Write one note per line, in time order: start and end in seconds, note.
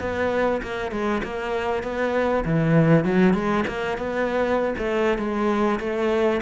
0.00 0.61 B3
0.62 0.91 A#3
0.91 1.22 G#3
1.23 1.83 A#3
1.83 2.44 B3
2.45 3.04 E3
3.04 3.33 F#3
3.33 3.64 G#3
3.67 3.97 A#3
3.97 4.74 B3
4.78 5.18 A3
5.18 5.79 G#3
5.79 6.41 A3